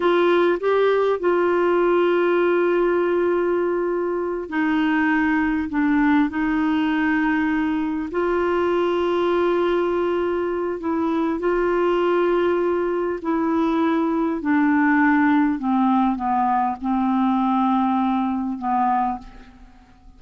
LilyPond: \new Staff \with { instrumentName = "clarinet" } { \time 4/4 \tempo 4 = 100 f'4 g'4 f'2~ | f'2.~ f'8 dis'8~ | dis'4. d'4 dis'4.~ | dis'4. f'2~ f'8~ |
f'2 e'4 f'4~ | f'2 e'2 | d'2 c'4 b4 | c'2. b4 | }